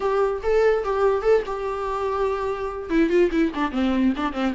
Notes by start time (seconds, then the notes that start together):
0.00 G4
0.43 A4
0.84 G4
1.22 A4
1.46 G4
2.89 E4
3.09 F4
3.31 E4
3.54 D4
3.71 C4
4.16 D4
4.33 C4